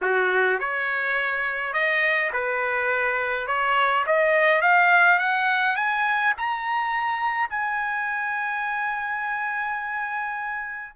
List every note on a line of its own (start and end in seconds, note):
0.01 0.59 F#4
0.59 1.73 C#5
1.73 2.31 D#5
2.32 3.47 B4
3.47 4.04 C#5
4.06 4.61 D#5
4.61 5.18 F5
5.18 5.76 F#5
5.76 6.33 G#5
6.37 7.49 A#5
7.49 10.95 G#5